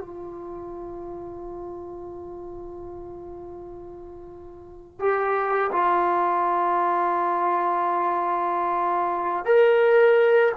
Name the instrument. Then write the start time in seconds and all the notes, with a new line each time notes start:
trombone
0.00 F4
4.99 G4
5.71 F4
9.45 A#4